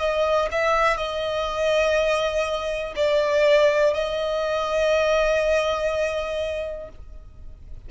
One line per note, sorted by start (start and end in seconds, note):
0.00 0.49 D#5
0.52 0.97 E5
0.97 2.94 D#5
2.96 3.94 D5
3.94 6.89 D#5